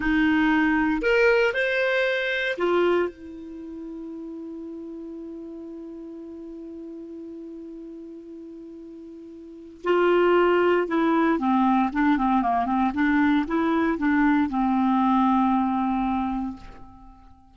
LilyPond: \new Staff \with { instrumentName = "clarinet" } { \time 4/4 \tempo 4 = 116 dis'2 ais'4 c''4~ | c''4 f'4 e'2~ | e'1~ | e'1~ |
e'2. f'4~ | f'4 e'4 c'4 d'8 c'8 | ais8 c'8 d'4 e'4 d'4 | c'1 | }